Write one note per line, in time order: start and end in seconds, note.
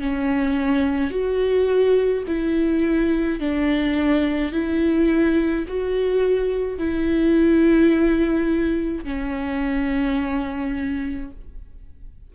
0.00 1.11 C#4
1.11 2.24 F#4
2.27 3.40 E4
3.40 4.52 D4
4.52 5.66 E4
5.68 6.78 F#4
6.78 9.04 E4
9.04 11.31 C#4